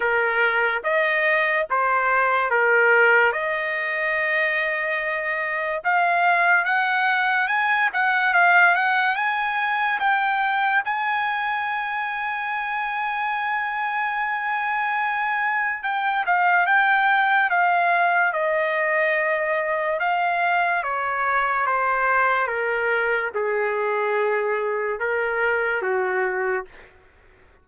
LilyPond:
\new Staff \with { instrumentName = "trumpet" } { \time 4/4 \tempo 4 = 72 ais'4 dis''4 c''4 ais'4 | dis''2. f''4 | fis''4 gis''8 fis''8 f''8 fis''8 gis''4 | g''4 gis''2.~ |
gis''2. g''8 f''8 | g''4 f''4 dis''2 | f''4 cis''4 c''4 ais'4 | gis'2 ais'4 fis'4 | }